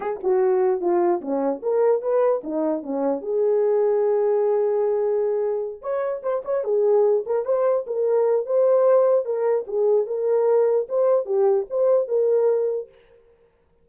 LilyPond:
\new Staff \with { instrumentName = "horn" } { \time 4/4 \tempo 4 = 149 gis'8 fis'4. f'4 cis'4 | ais'4 b'4 dis'4 cis'4 | gis'1~ | gis'2~ gis'8 cis''4 c''8 |
cis''8 gis'4. ais'8 c''4 ais'8~ | ais'4 c''2 ais'4 | gis'4 ais'2 c''4 | g'4 c''4 ais'2 | }